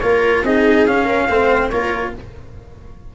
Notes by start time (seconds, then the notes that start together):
0.00 A#3 F4 A#4 C#5
0.44 C4 D#4 G#4 D#5
0.86 C#4 F5
1.04 A#4
1.29 A3 C4 C5
1.70 A#3 F4 A#4 C#5